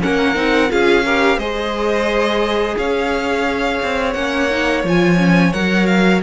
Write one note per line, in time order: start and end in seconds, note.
0.00 0.36 A#3
0.00 0.34 C#4
0.00 0.72 A#4
0.00 0.71 F#5
0.34 0.70 C4
0.34 0.69 D#4
0.69 1.37 C#4
0.69 1.04 F4
0.69 1.05 G#4
0.69 1.39 F5
1.05 1.40 G4
1.05 1.38 A#4
1.37 2.75 G#3
1.37 4.15 G#4
1.37 2.76 C5
1.37 2.77 D#5
2.77 3.81 C#4
2.77 6.22 C#5
2.77 4.13 F5
3.82 4.15 C4
4.13 4.83 A#3
4.13 4.49 C#4
4.13 4.82 F#5
4.50 4.84 D#4
4.83 5.52 F3
4.83 5.17 F4
4.83 5.53 G#5
5.17 5.52 C#4
5.53 6.22 F#3
5.53 6.22 A#4
5.53 5.86 F#5
5.86 6.20 F5